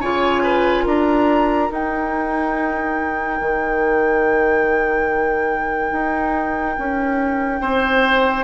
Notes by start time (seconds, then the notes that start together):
0.00 C#3 F4 C#5 G#5
0.43 B4
0.84 D4 A#4 A#5
1.70 D#4 G5
3.40 D#3
5.92 D#4
6.78 C#4
7.60 C4 C5